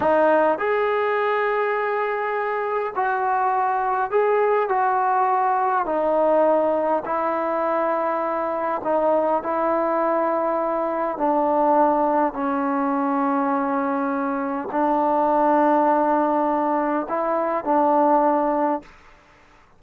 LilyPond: \new Staff \with { instrumentName = "trombone" } { \time 4/4 \tempo 4 = 102 dis'4 gis'2.~ | gis'4 fis'2 gis'4 | fis'2 dis'2 | e'2. dis'4 |
e'2. d'4~ | d'4 cis'2.~ | cis'4 d'2.~ | d'4 e'4 d'2 | }